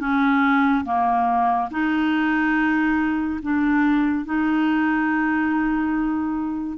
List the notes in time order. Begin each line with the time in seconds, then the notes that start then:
0.00 C#4
0.85 A#3
1.71 D#4
3.42 D4
4.25 D#4